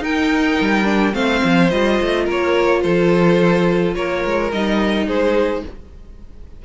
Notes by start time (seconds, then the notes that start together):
0.00 D#4 A#4 G5
0.60 G3
0.84 D4
1.13 A3 C4 C5 F5
1.44 F3
1.70 G3 F4 D#5
2.01 A3
2.25 A#3 A#4
2.31 C#5
2.82 F3 A4 C5
3.95 A#3 A#4 C#5
4.25 G#3
4.52 G3 D#4 D#5
5.06 G#3 G#4 C5